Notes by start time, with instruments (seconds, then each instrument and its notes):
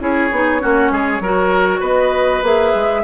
0.00 bassoon C#4, clarinet E4, oboe G#4, flute C#5
0.32 bassoon B3, clarinet D#4
0.60 bassoon A#3, clarinet C#4, oboe F#4
0.92 bassoon G#3, oboe G#4
1.20 bassoon F#3, clarinet F#4, oboe A#4
1.81 bassoon B3, oboe B4, flute D#5
2.43 bassoon A#3, clarinet G#4, flute E5
2.75 bassoon G#3